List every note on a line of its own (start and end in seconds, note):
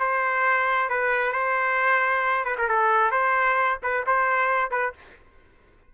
0.00 0.90 C5
0.90 1.32 B4
1.32 2.45 C5
2.45 2.56 B4
2.58 2.68 A#4
2.68 3.11 A4
3.11 3.79 C5
3.83 4.06 B4
4.07 4.71 C5
4.71 4.93 B4